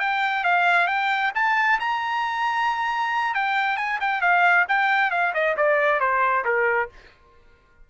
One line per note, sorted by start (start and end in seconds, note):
0.00 0.44 G5
0.44 0.88 F5
0.88 1.32 G5
1.35 1.80 A5
1.80 3.35 A#5
3.35 3.77 G5
3.77 4.00 G#5
4.01 4.22 G5
4.22 4.66 F5
4.69 5.11 G5
5.11 5.34 F5
5.34 5.57 D#5
5.57 6.00 D5
6.00 6.45 C5
6.45 6.90 A#4